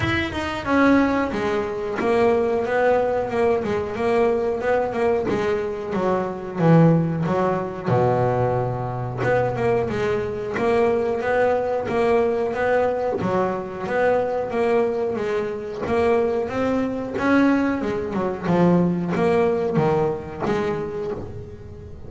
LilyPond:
\new Staff \with { instrumentName = "double bass" } { \time 4/4 \tempo 4 = 91 e'8 dis'8 cis'4 gis4 ais4 | b4 ais8 gis8 ais4 b8 ais8 | gis4 fis4 e4 fis4 | b,2 b8 ais8 gis4 |
ais4 b4 ais4 b4 | fis4 b4 ais4 gis4 | ais4 c'4 cis'4 gis8 fis8 | f4 ais4 dis4 gis4 | }